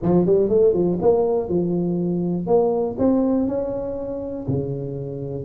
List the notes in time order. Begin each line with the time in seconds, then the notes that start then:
0.02 F3
0.25 G3
0.48 A3
0.73 F3
1.01 A#3
1.49 F3
2.47 A#3
2.98 C4
3.47 C#4
4.47 C#3